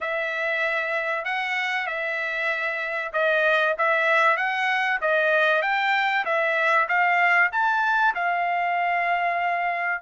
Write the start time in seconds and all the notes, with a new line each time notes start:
0.00 E5
1.24 F#5
1.86 E5
3.12 D#5
3.78 E5
4.36 F#5
5.01 D#5
5.62 G5
6.25 E5
6.88 F5
7.52 A5
8.14 F5